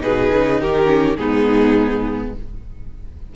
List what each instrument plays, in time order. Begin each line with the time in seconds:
0.00 cello B2, viola D#4, violin G#4 B4
0.32 cello C#3
0.60 cello D#3, violin G4 A#4
0.86 viola C#4
1.16 cello G#2, viola B3, violin D#4 G#4